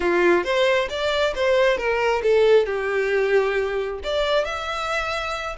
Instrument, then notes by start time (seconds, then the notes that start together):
violin
0.00 F4
0.43 C5
0.89 D5
1.35 C5
1.77 A#4
2.22 A4
2.66 G4
4.03 D5
4.44 E5